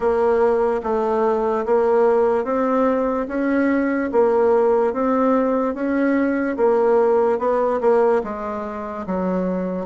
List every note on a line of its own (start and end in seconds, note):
0.00 0.81 A#3
0.83 1.65 A3
1.65 2.44 A#3
2.44 3.27 C4
3.28 4.10 C#4
4.12 4.93 A#3
4.93 5.74 C4
5.74 6.56 C#4
6.56 7.38 A#3
7.38 7.79 B3
7.80 8.22 A#3
8.23 9.06 G#3
9.06 9.86 F#3